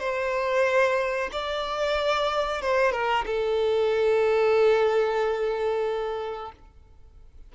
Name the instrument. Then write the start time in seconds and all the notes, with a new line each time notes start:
violin
0.00 C5
1.33 D5
2.62 C5
2.93 A#4
3.27 A4